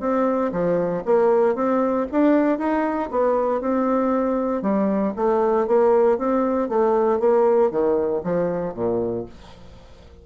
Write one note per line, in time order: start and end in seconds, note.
0.00 0.51 C4
0.52 1.03 F3
1.05 1.55 A#3
1.55 2.07 C4
2.12 2.59 D4
2.59 3.10 D#4
3.11 3.61 B3
3.61 4.62 C4
4.62 5.14 G3
5.16 5.67 A3
5.67 6.18 A#3
6.18 6.69 C4
6.69 7.20 A3
7.20 7.71 A#3
7.71 8.22 D#3
8.24 8.74 F3
8.74 9.26 A#2